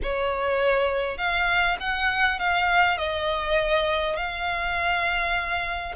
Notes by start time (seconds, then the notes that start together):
0.02 C#5
1.17 F5
1.80 F#5
2.39 F5
2.97 D#5
4.16 F5